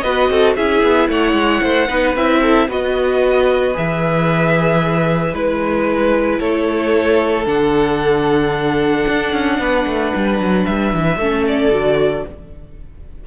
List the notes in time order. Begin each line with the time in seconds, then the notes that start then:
0.00 B3 F#4 B4 D#5
0.30 C4 A4
0.57 C#4 E4 G#4 E5
0.84 B3
1.09 A3 C#5 F#5
1.34 G#3
1.63 A3 C5
1.88 B3 D#4 B4
2.16 C4 E4 E5
2.42 A4
2.69 B3 F#4 B4 D#5
3.74 E3 G#4 E5
5.34 G#3 E4 B4
6.40 A3 A4 C#5
7.46 D3 D4 F#5
9.08 D4
9.33 C#4
9.59 B3 B4
9.87 A3
10.15 G3
10.39 F#3
10.65 G3 E5
10.94 E3
11.17 A3 C#4 A4
11.48 D5
11.72 D3 F#4